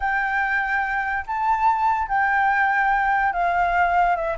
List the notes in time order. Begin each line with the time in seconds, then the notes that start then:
0.00 G5
1.27 A5
2.08 G5
3.32 F5
4.16 E5